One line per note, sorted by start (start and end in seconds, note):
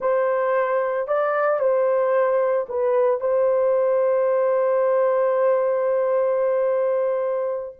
0.00 1.07 C5
1.07 1.59 D5
1.59 2.66 C5
2.69 3.20 B4
3.20 7.75 C5